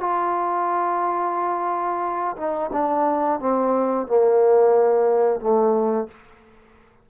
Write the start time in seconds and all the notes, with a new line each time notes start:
0.00 F4
2.37 D#4
2.72 D4
3.40 C4
4.07 A#3
5.40 A3